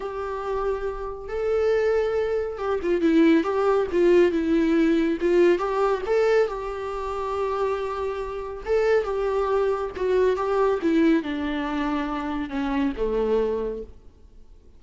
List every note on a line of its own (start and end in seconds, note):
0.00 1.28 G4
1.28 2.58 A4
2.58 2.79 G4
2.82 3.01 F4
3.01 3.43 E4
3.43 3.86 G4
3.92 4.31 F4
4.31 5.18 E4
5.21 5.58 F4
5.58 6.01 G4
6.06 6.47 A4
6.47 8.63 G4
8.65 9.04 A4
9.04 9.90 G4
9.96 10.36 F#4
10.36 10.79 G4
10.81 11.22 E4
11.22 12.49 D4
12.49 12.92 C#4
12.96 13.82 A3